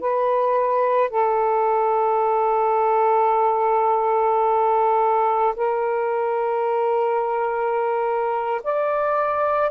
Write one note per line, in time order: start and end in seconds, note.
0.00 1.10 B4
1.10 5.54 A4
5.56 8.61 A#4
8.64 9.70 D5